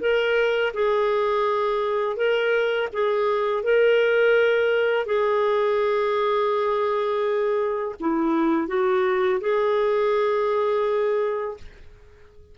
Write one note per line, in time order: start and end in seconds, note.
0.00 0.72 A#4
0.73 2.16 G#4
2.16 2.88 A#4
2.93 3.63 G#4
3.63 5.06 A#4
5.06 7.95 G#4
8.00 8.67 E4
8.67 9.40 F#4
9.40 11.57 G#4